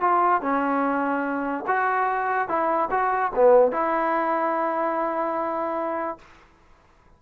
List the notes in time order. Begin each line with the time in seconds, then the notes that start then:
0.00 F4
0.41 C#4
1.67 F#4
2.48 E4
2.90 F#4
3.35 B3
3.72 E4